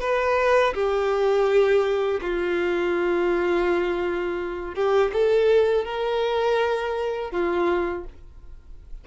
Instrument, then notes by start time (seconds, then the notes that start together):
violin
0.00 B4
0.74 G4
2.21 F4
4.74 G4
5.13 A4
5.84 A#4
7.31 F4